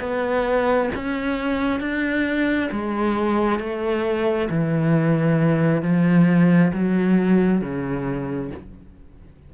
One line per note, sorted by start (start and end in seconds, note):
0.00 0.90 B3
0.95 1.80 C#4
1.80 2.70 D4
2.72 3.59 G#3
3.59 4.49 A3
4.50 5.82 E3
5.82 6.72 F3
6.73 7.62 F#3
7.62 8.51 C#3